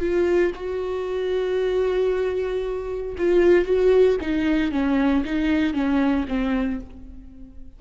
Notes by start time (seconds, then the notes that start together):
0.00 F4
0.55 F#4
3.18 F4
3.65 F#4
4.20 D#4
4.72 C#4
5.25 D#4
5.73 C#4
6.28 C4